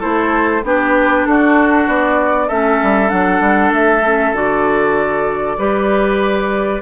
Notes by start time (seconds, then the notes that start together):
0.00 A3 E4 A4 C5
0.63 B3 D4 G4 B4
1.26 D4 F#4 A4
1.88 B3 D5
2.48 A3 C#4 A4 E5
2.83 G3
3.09 F#3 D4 F#5
3.41 G3
3.71 A3 E5
4.05 C#4
4.33 D3 F#4 D5
5.58 G3 G4 B4